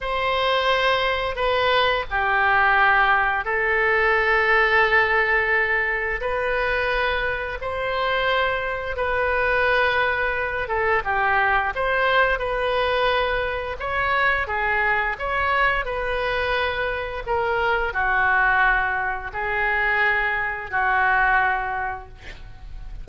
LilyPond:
\new Staff \with { instrumentName = "oboe" } { \time 4/4 \tempo 4 = 87 c''2 b'4 g'4~ | g'4 a'2.~ | a'4 b'2 c''4~ | c''4 b'2~ b'8 a'8 |
g'4 c''4 b'2 | cis''4 gis'4 cis''4 b'4~ | b'4 ais'4 fis'2 | gis'2 fis'2 | }